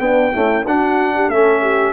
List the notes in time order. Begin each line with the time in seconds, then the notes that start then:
0.00 B3 D4 G5
0.31 A3 C#4 E4
0.66 D4 F#4 F#5
1.15 G4
1.28 A3 C#4 A4 E5
1.61 G4